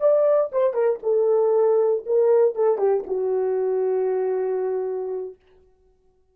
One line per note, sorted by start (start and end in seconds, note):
0.00 0.51 D5
0.52 0.74 C5
0.74 0.99 A#4
1.03 2.05 A4
2.06 2.55 A#4
2.55 2.78 A4
2.78 3.03 G4
3.07 5.36 F#4